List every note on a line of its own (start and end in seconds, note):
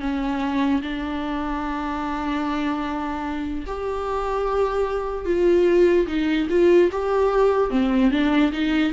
0.00 0.81 C#4
0.81 3.65 D4
3.66 5.25 G4
5.25 6.06 F4
6.07 6.47 D#4
6.49 6.90 F4
6.91 7.70 G4
7.70 8.10 C4
8.11 8.51 D4
8.52 8.92 D#4